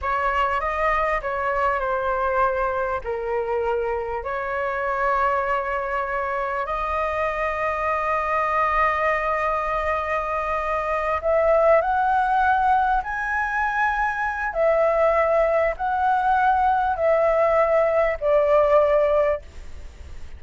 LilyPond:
\new Staff \with { instrumentName = "flute" } { \time 4/4 \tempo 4 = 99 cis''4 dis''4 cis''4 c''4~ | c''4 ais'2 cis''4~ | cis''2. dis''4~ | dis''1~ |
dis''2~ dis''8 e''4 fis''8~ | fis''4. gis''2~ gis''8 | e''2 fis''2 | e''2 d''2 | }